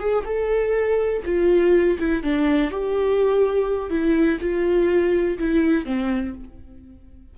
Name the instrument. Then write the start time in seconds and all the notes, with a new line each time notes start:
viola
0.00 G#4
0.25 A4
1.25 F4
1.99 E4
2.23 D4
2.71 G4
3.90 E4
4.41 F4
5.39 E4
5.85 C4